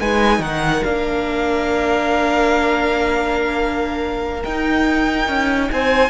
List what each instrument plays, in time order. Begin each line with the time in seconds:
0.00 cello G#3, viola D#4, violin B4 G#5
0.39 cello D#3, violin A#4 F#5
0.83 cello A#3, viola D4, violin F5
4.43 viola D#4, cello D#4, violin G5
5.28 cello C#4
5.71 cello C4, violin C5 G#5